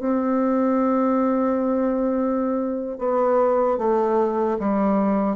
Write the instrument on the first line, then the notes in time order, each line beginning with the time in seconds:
bassoon
0.00 C4
2.99 B3
3.79 A3
4.60 G3